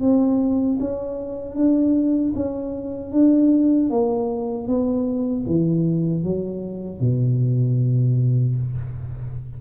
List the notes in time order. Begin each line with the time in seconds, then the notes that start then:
0.00 C4
0.80 C#4
1.55 D4
2.34 C#4
3.12 D4
3.90 A#3
4.67 B3
5.45 E3
6.23 F#3
7.00 B2